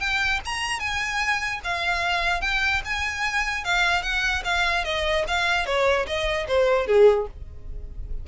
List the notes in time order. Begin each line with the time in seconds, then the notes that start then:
0.00 G5
0.45 A#5
0.80 G#5
1.64 F5
2.41 G5
2.85 G#5
3.65 F5
4.03 F#5
4.45 F5
4.84 D#5
5.28 F5
5.66 C#5
6.07 D#5
6.48 C5
6.87 G#4